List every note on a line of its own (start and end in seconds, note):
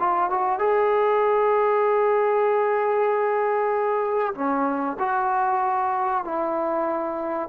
0.00 0.30 F4
0.30 0.59 F#4
0.59 4.34 G#4
4.35 4.97 C#4
5.00 6.25 F#4
6.25 7.50 E4